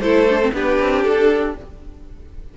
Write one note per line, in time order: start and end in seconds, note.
0.00 0.51 A3
0.00 0.28 E4
0.00 0.53 A4
0.00 0.52 C5
0.30 0.41 D4
0.41 0.53 C4
0.53 0.78 B3
0.53 1.56 D4
0.53 1.57 G4
0.53 1.03 B4
0.80 1.04 C4
1.03 1.56 D4
1.03 1.54 A4